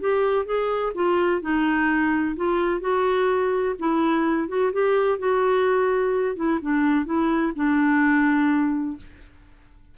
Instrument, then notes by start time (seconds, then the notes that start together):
clarinet
0.00 G4
0.45 G#4
0.94 F4
1.41 D#4
2.36 F4
2.80 F#4
3.79 E4
4.48 F#4
4.72 G4
5.18 F#4
6.35 E4
6.61 D4
7.05 E4
7.55 D4